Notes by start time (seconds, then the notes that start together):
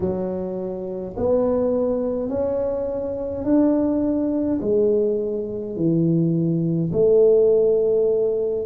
0.00 F#3
1.16 B3
2.29 C#4
3.44 D4
4.61 G#3
5.75 E3
6.92 A3